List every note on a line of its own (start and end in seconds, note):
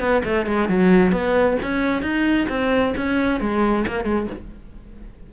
0.00 0.23 B3
0.25 0.46 A3
0.46 0.69 G#3
0.69 1.12 F#3
1.12 1.57 B3
1.62 2.02 C#4
2.02 2.47 D#4
2.49 2.94 C4
2.97 3.40 C#4
3.40 3.85 G#3
3.87 4.04 A#3
4.04 4.27 G#3